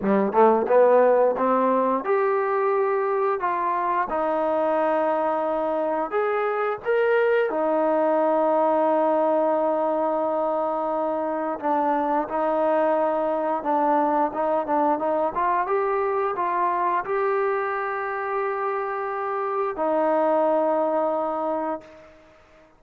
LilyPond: \new Staff \with { instrumentName = "trombone" } { \time 4/4 \tempo 4 = 88 g8 a8 b4 c'4 g'4~ | g'4 f'4 dis'2~ | dis'4 gis'4 ais'4 dis'4~ | dis'1~ |
dis'4 d'4 dis'2 | d'4 dis'8 d'8 dis'8 f'8 g'4 | f'4 g'2.~ | g'4 dis'2. | }